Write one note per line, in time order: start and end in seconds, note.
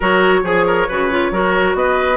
0.00 0.43 F#3
0.00 0.44 F#4
0.00 0.40 A#4
0.00 1.75 C#5
0.43 0.87 F3
0.43 0.65 G#4
0.43 0.88 G#4
0.66 0.87 A#4
0.87 1.31 C#3
0.87 1.11 F#4
0.87 1.31 B4
1.11 1.32 F4
1.31 1.74 F#3
1.31 2.17 F#4
1.31 1.76 A#4
1.74 2.17 B3
1.74 2.17 B4
1.74 2.17 D#5